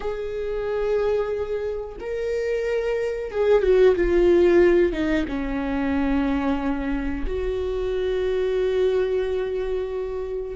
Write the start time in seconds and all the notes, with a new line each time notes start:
0.00 G#4
2.00 A#4
3.31 G#4
3.62 F#4
3.95 F4
4.92 D#4
5.27 C#4
7.26 F#4